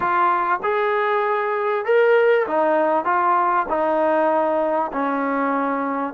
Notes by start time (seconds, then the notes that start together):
0.00 F4
0.63 G#4
1.85 A#4
2.47 D#4
3.04 F4
3.68 D#4
4.92 C#4